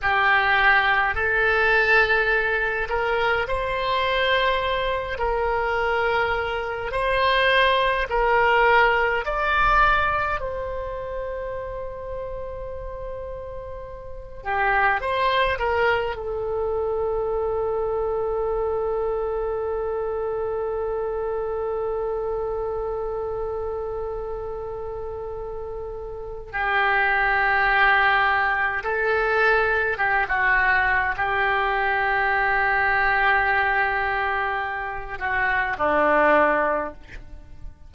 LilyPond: \new Staff \with { instrumentName = "oboe" } { \time 4/4 \tempo 4 = 52 g'4 a'4. ais'8 c''4~ | c''8 ais'4. c''4 ais'4 | d''4 c''2.~ | c''8 g'8 c''8 ais'8 a'2~ |
a'1~ | a'2. g'4~ | g'4 a'4 g'16 fis'8. g'4~ | g'2~ g'8 fis'8 d'4 | }